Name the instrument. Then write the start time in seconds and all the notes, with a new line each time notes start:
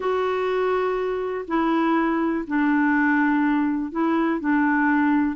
clarinet
0.00 F#4
1.47 E4
2.47 D4
3.91 E4
4.40 D4